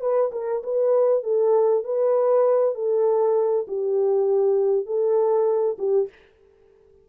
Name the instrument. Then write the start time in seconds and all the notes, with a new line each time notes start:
horn
0.00 B4
0.32 A#4
0.63 B4
1.23 A4
1.84 B4
2.75 A4
3.67 G4
4.86 A4
5.78 G4